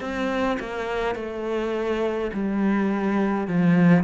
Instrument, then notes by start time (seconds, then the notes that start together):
cello
0.00 C4
0.59 A#3
1.15 A3
2.33 G3
3.47 F3